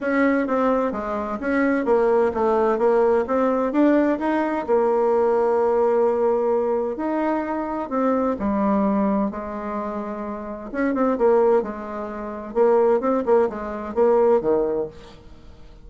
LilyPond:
\new Staff \with { instrumentName = "bassoon" } { \time 4/4 \tempo 4 = 129 cis'4 c'4 gis4 cis'4 | ais4 a4 ais4 c'4 | d'4 dis'4 ais2~ | ais2. dis'4~ |
dis'4 c'4 g2 | gis2. cis'8 c'8 | ais4 gis2 ais4 | c'8 ais8 gis4 ais4 dis4 | }